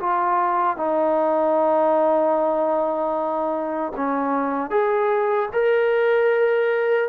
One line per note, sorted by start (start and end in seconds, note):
0.00 0.76 F4
0.76 3.92 D#4
3.96 4.70 C#4
4.70 5.49 G#4
5.53 7.09 A#4